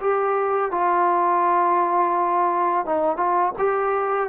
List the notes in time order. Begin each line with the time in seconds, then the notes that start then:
0.00 G4
0.71 F4
2.85 D#4
3.16 F4
3.58 G4